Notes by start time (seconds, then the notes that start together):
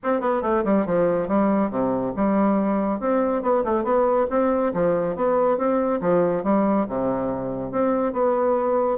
0.03 C4
0.20 B3
0.42 A3
0.64 G3
0.86 F3
1.28 G3
1.70 C3
2.15 G3
3.00 C4
3.42 B3
3.64 A3
3.84 B3
4.30 C4
4.73 F3
5.16 B3
5.57 C4
6.00 F3
6.43 G3
6.88 C3
7.71 C4
8.12 B3